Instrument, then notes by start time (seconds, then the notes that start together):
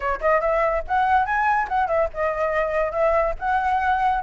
flute
0.00 C#5
0.21 D#5
0.40 E5
0.87 F#5
1.25 G#5
1.68 F#5
1.87 E5
2.13 D#5
2.92 E5
3.39 F#5